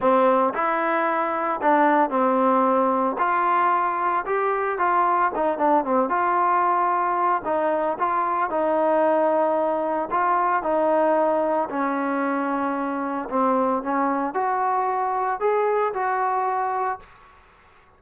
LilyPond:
\new Staff \with { instrumentName = "trombone" } { \time 4/4 \tempo 4 = 113 c'4 e'2 d'4 | c'2 f'2 | g'4 f'4 dis'8 d'8 c'8 f'8~ | f'2 dis'4 f'4 |
dis'2. f'4 | dis'2 cis'2~ | cis'4 c'4 cis'4 fis'4~ | fis'4 gis'4 fis'2 | }